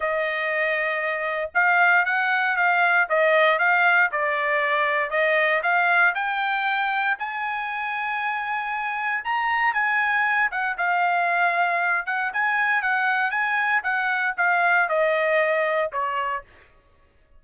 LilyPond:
\new Staff \with { instrumentName = "trumpet" } { \time 4/4 \tempo 4 = 117 dis''2. f''4 | fis''4 f''4 dis''4 f''4 | d''2 dis''4 f''4 | g''2 gis''2~ |
gis''2 ais''4 gis''4~ | gis''8 fis''8 f''2~ f''8 fis''8 | gis''4 fis''4 gis''4 fis''4 | f''4 dis''2 cis''4 | }